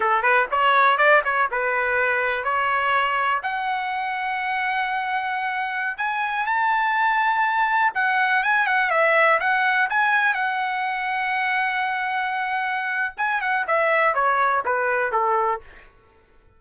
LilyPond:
\new Staff \with { instrumentName = "trumpet" } { \time 4/4 \tempo 4 = 123 a'8 b'8 cis''4 d''8 cis''8 b'4~ | b'4 cis''2 fis''4~ | fis''1~ | fis''16 gis''4 a''2~ a''8.~ |
a''16 fis''4 gis''8 fis''8 e''4 fis''8.~ | fis''16 gis''4 fis''2~ fis''8.~ | fis''2. gis''8 fis''8 | e''4 cis''4 b'4 a'4 | }